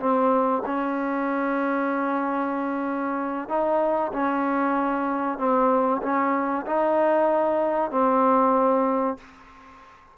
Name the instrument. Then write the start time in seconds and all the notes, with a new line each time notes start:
trombone
0.00 C4
0.66 C#4
3.49 D#4
4.13 C#4
5.39 C4
6.03 C#4
6.67 D#4
7.91 C4